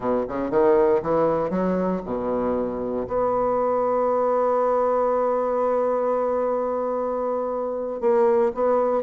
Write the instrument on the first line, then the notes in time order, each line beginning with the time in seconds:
bassoon
0.00 B2
0.28 C#3
0.50 D#3
1.02 E3
1.50 F#3
2.05 B2
3.07 B3
8.01 A#3
8.54 B3